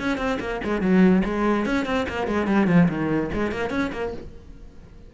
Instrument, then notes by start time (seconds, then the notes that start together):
cello
0.00 C#4
0.18 C4
0.41 A#3
0.65 G#3
0.82 F#3
1.25 G#3
1.66 C#4
1.86 C4
2.09 A#3
2.28 G#3
2.47 G3
2.68 F3
2.89 D#3
3.34 G#3
3.52 A#3
3.71 C#4
3.93 A#3